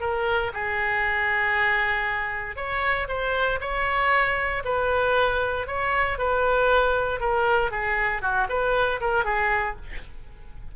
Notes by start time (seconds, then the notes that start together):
0.00 A#4
0.53 G#4
2.55 C#5
3.08 C5
3.60 C#5
4.64 B4
5.66 C#5
6.18 B4
7.20 A#4
7.71 G#4
8.21 F#4
8.48 B4
9.00 A#4
9.24 G#4